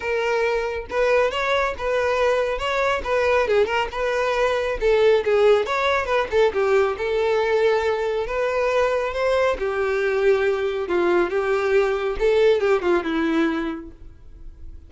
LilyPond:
\new Staff \with { instrumentName = "violin" } { \time 4/4 \tempo 4 = 138 ais'2 b'4 cis''4 | b'2 cis''4 b'4 | gis'8 ais'8 b'2 a'4 | gis'4 cis''4 b'8 a'8 g'4 |
a'2. b'4~ | b'4 c''4 g'2~ | g'4 f'4 g'2 | a'4 g'8 f'8 e'2 | }